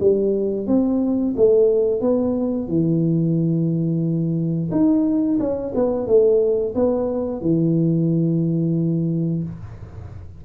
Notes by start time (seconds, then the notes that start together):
0.00 G3
0.67 C4
1.36 A3
2.01 B3
2.68 E3
4.71 D#4
5.39 C#4
5.75 B3
6.06 A3
6.75 B3
7.41 E3